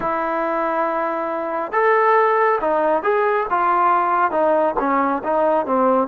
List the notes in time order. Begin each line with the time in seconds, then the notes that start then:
0.00 E4
1.72 A4
2.60 D#4
3.02 G#4
3.49 F4
4.31 D#4
4.79 C#4
5.23 D#4
5.66 C4